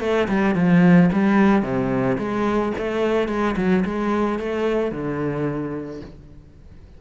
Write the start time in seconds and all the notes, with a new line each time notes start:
0.00 A3
0.28 G3
0.55 F3
1.12 G3
1.62 C3
2.18 G#3
2.77 A3
3.28 G#3
3.57 F#3
3.85 G#3
4.38 A3
4.91 D3